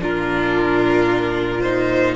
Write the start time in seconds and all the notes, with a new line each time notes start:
0.00 A#2 D4 F4 A#4
1.61 D#4 C5